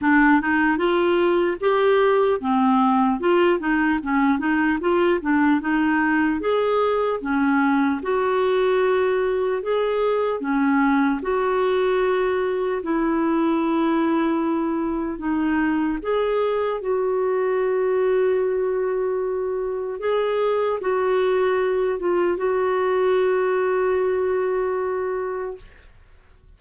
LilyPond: \new Staff \with { instrumentName = "clarinet" } { \time 4/4 \tempo 4 = 75 d'8 dis'8 f'4 g'4 c'4 | f'8 dis'8 cis'8 dis'8 f'8 d'8 dis'4 | gis'4 cis'4 fis'2 | gis'4 cis'4 fis'2 |
e'2. dis'4 | gis'4 fis'2.~ | fis'4 gis'4 fis'4. f'8 | fis'1 | }